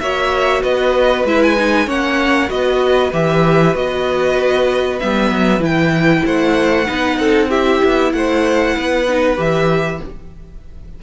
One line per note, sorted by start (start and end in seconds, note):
0.00 0.63 A#3
0.00 1.27 F#4
0.00 0.62 C#5
0.00 0.62 E5
0.62 1.24 B3
0.62 1.86 B4
0.62 1.26 D#5
1.24 1.87 G#3
1.24 1.57 E4
1.24 1.43 E5
1.43 1.89 G#5
1.57 1.87 D#4
1.86 2.50 A#3
1.86 2.48 C#4
1.86 2.49 C#5
1.86 2.50 F#5
2.48 3.13 B3
2.48 3.11 F#4
2.48 6.25 B4
2.48 3.13 D#5
3.13 3.75 E3
3.13 3.74 G4
3.13 3.76 E5
3.74 5.00 B3
3.74 4.99 F#4
3.74 4.99 D#5
4.99 5.31 G3
4.99 5.60 B3
4.99 5.62 E5
5.31 5.60 F#3
5.60 6.22 E3
5.60 6.85 E4
5.60 6.26 G5
6.25 6.89 A3
6.25 6.88 C5
6.25 7.51 F#5
6.86 7.19 B3
6.86 7.49 D#4
6.86 7.19 B4
7.19 7.81 C4
7.19 7.49 A4
7.49 9.06 E4
7.49 8.12 G4
7.49 8.13 E5
7.84 8.13 B3
8.13 8.76 A3
8.13 8.76 C5
8.13 9.38 F#5
8.76 9.38 B3
8.76 10.01 B4
9.09 9.37 D#4
9.37 10.00 E3
9.37 9.99 G4
9.37 10.03 E5